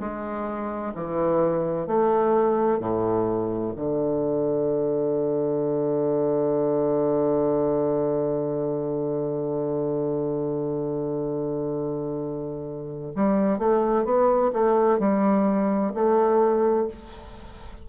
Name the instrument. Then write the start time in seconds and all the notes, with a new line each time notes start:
bassoon
0.00 G#3
0.95 E3
1.87 A3
2.80 A2
3.76 D3
13.15 G3
13.59 A3
14.05 B3
14.53 A3
14.99 G3
15.94 A3